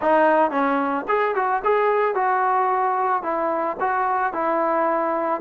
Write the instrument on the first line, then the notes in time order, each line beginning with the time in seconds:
trombone
0.01 D#4
0.51 C#4
1.08 G#4
1.35 F#4
1.64 G#4
2.14 F#4
3.22 E4
3.80 F#4
4.33 E4